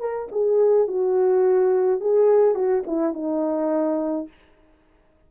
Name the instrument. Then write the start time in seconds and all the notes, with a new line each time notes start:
horn
0.00 A#4
0.32 G#4
0.88 F#4
2.01 G#4
2.55 F#4
2.87 E4
3.14 D#4